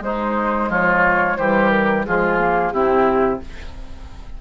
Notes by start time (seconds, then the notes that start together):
0.00 G#3 D#4 C5
0.69 F3 F4 C#5
1.37 E3 G3 G4 C5
1.69 A#4
2.05 F3 G#3 F4 G#4
2.38 A#3
2.72 C3 C4 E4 G4